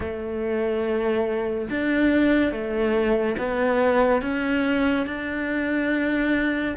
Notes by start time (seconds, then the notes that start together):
0.00 A3
1.70 D4
2.51 A3
3.38 B3
4.21 C#4
5.06 D4